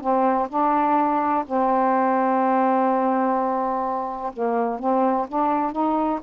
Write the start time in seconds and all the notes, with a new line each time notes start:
0.00 C4
0.49 D4
1.46 C4
4.33 A#3
4.79 C4
5.28 D4
5.72 D#4